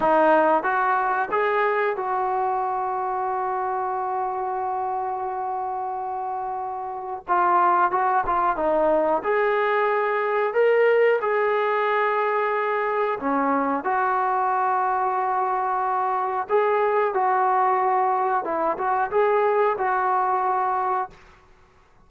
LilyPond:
\new Staff \with { instrumentName = "trombone" } { \time 4/4 \tempo 4 = 91 dis'4 fis'4 gis'4 fis'4~ | fis'1~ | fis'2. f'4 | fis'8 f'8 dis'4 gis'2 |
ais'4 gis'2. | cis'4 fis'2.~ | fis'4 gis'4 fis'2 | e'8 fis'8 gis'4 fis'2 | }